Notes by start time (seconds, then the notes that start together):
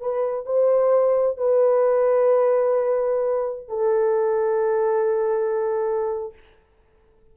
0.00 B4
0.46 C5
1.37 B4
3.68 A4